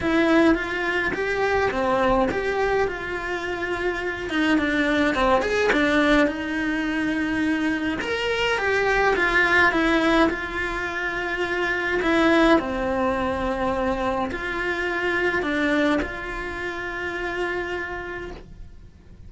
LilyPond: \new Staff \with { instrumentName = "cello" } { \time 4/4 \tempo 4 = 105 e'4 f'4 g'4 c'4 | g'4 f'2~ f'8 dis'8 | d'4 c'8 gis'8 d'4 dis'4~ | dis'2 ais'4 g'4 |
f'4 e'4 f'2~ | f'4 e'4 c'2~ | c'4 f'2 d'4 | f'1 | }